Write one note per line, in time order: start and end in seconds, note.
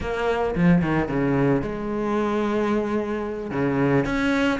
0.00 0.55 A#3
0.55 0.81 F3
0.81 1.08 D#3
1.08 1.62 C#3
1.62 3.51 G#3
3.51 4.05 C#3
4.05 4.59 C#4